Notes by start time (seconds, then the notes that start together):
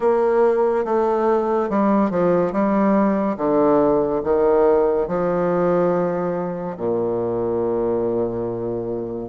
0.00 A#3
0.85 A3
1.69 G3
2.10 F3
2.52 G3
3.37 D3
4.23 D#3
5.07 F3
6.77 A#2